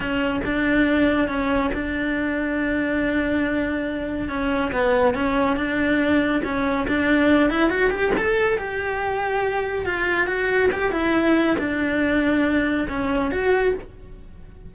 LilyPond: \new Staff \with { instrumentName = "cello" } { \time 4/4 \tempo 4 = 140 cis'4 d'2 cis'4 | d'1~ | d'2 cis'4 b4 | cis'4 d'2 cis'4 |
d'4. e'8 fis'8 g'8 a'4 | g'2. f'4 | fis'4 g'8 e'4. d'4~ | d'2 cis'4 fis'4 | }